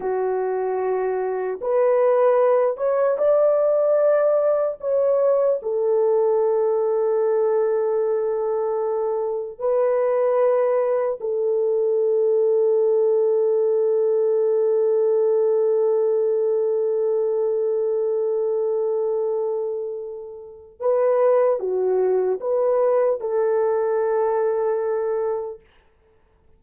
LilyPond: \new Staff \with { instrumentName = "horn" } { \time 4/4 \tempo 4 = 75 fis'2 b'4. cis''8 | d''2 cis''4 a'4~ | a'1 | b'2 a'2~ |
a'1~ | a'1~ | a'2 b'4 fis'4 | b'4 a'2. | }